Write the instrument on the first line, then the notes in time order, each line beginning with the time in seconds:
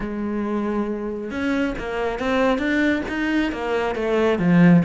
cello
0.00 G#3
1.30 C#4
1.78 A#3
2.19 C4
2.58 D4
3.08 D#4
3.52 A#3
3.95 A3
4.39 F3